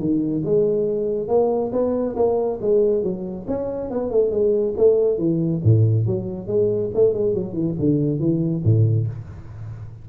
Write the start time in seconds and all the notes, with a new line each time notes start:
0.00 D#3
0.45 G#3
1.28 A#3
1.72 B3
2.16 A#3
2.62 G#3
3.03 F#3
3.48 C#4
3.90 B3
4.11 A3
4.31 G#3
4.77 A3
5.18 E3
5.64 A2
6.07 F#3
6.47 G#3
6.94 A3
7.14 G#3
7.34 F#3
7.53 E3
7.79 D3
8.20 E3
8.64 A2